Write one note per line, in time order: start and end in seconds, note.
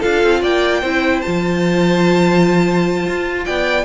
0.00 0.23 D4
0.00 0.83 F4
0.00 0.41 A4
0.00 0.43 F5
0.23 0.43 C4
0.42 0.83 A#3
0.42 0.81 D5
0.42 1.22 G5
0.81 1.23 C4
0.81 1.24 E4
0.81 3.45 C5
1.22 3.07 F3
1.22 3.86 F4
1.22 3.45 A5
3.07 3.48 F4
3.46 3.86 B3
3.46 3.86 D5
3.46 3.86 G5